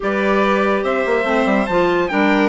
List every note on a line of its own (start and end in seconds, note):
0.00 0.83 G3
0.00 1.25 G4
0.00 0.83 B4
0.00 0.84 D5
0.83 1.04 C4
0.83 2.09 C5
0.83 1.66 E5
1.06 1.24 A#3
1.24 1.45 A3
1.24 1.67 C4
1.45 1.66 G3
1.66 2.10 F3
1.66 2.09 F4
1.66 2.08 A5
2.08 2.48 G3
2.08 2.48 D4
2.08 2.48 A#4
2.08 2.48 G5